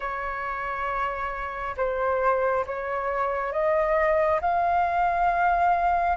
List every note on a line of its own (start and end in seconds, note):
0.00 1.75 C#5
1.76 2.65 C5
2.66 3.52 C#5
3.52 4.40 D#5
4.41 6.17 F5